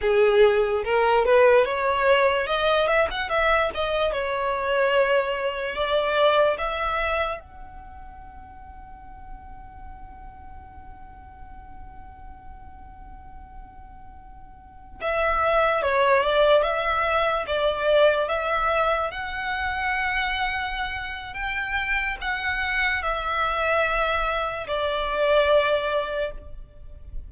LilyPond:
\new Staff \with { instrumentName = "violin" } { \time 4/4 \tempo 4 = 73 gis'4 ais'8 b'8 cis''4 dis''8 e''16 fis''16 | e''8 dis''8 cis''2 d''4 | e''4 fis''2.~ | fis''1~ |
fis''2~ fis''16 e''4 cis''8 d''16~ | d''16 e''4 d''4 e''4 fis''8.~ | fis''2 g''4 fis''4 | e''2 d''2 | }